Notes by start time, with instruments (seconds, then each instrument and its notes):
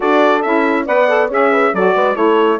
0.00 bassoon D4, saxophone F#4, horn A4, trumpet D5
0.42 bassoon C#4, saxophone E4, trumpet E5
0.85 bassoon B3, saxophone B4, horn D5, trumpet F#5
1.07 saxophone A4
1.28 bassoon C#4, saxophone G#4, horn C#5, trumpet E5
1.51 horn B4
1.73 bassoon F#3, saxophone F#4, horn A4, trumpet D5
1.94 bassoon G#3, horn B4
2.15 bassoon A3, saxophone E4, horn A4, trumpet C#5